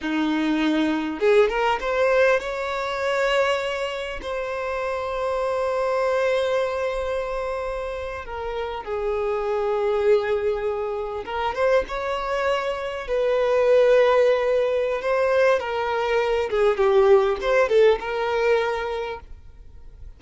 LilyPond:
\new Staff \with { instrumentName = "violin" } { \time 4/4 \tempo 4 = 100 dis'2 gis'8 ais'8 c''4 | cis''2. c''4~ | c''1~ | c''4.~ c''16 ais'4 gis'4~ gis'16~ |
gis'2~ gis'8. ais'8 c''8 cis''16~ | cis''4.~ cis''16 b'2~ b'16~ | b'4 c''4 ais'4. gis'8 | g'4 c''8 a'8 ais'2 | }